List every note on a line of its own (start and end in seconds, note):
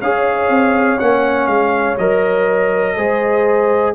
0.00 0.49 C#4
0.00 0.99 G#4
0.00 2.95 C#5
0.00 0.99 F5
0.49 0.98 C4
0.99 1.47 A#3
0.99 1.97 C#4
0.99 1.47 F#5
1.47 1.96 G#3
1.47 1.96 F5
1.98 2.96 F#3
1.98 2.97 A#4
1.98 3.94 D#5
2.96 3.94 G#3
2.96 3.94 G#4
2.96 3.94 C5